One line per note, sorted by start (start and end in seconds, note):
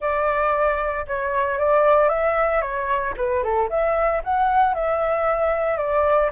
0.00 1.06 D5
1.07 1.59 C#5
1.59 2.08 D5
2.08 2.61 E5
2.61 3.14 C#5
3.17 3.43 B4
3.43 3.69 A4
3.69 4.22 E5
4.24 4.74 F#5
4.74 5.77 E5
5.77 6.30 D5